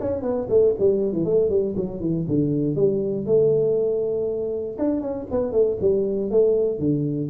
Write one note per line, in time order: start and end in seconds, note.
0.00 0.22 C#4
0.22 0.47 B3
0.49 0.74 A3
0.79 1.12 G3
1.12 1.24 E3
1.24 1.49 A3
1.49 1.74 G3
1.76 2.00 F#3
2.00 2.26 E3
2.28 2.75 D3
2.75 3.25 G3
3.25 4.77 A3
4.78 5.01 D4
5.01 5.26 C#4
5.31 5.51 B3
5.51 5.77 A3
5.81 6.30 G3
6.30 6.79 A3
6.79 7.29 D3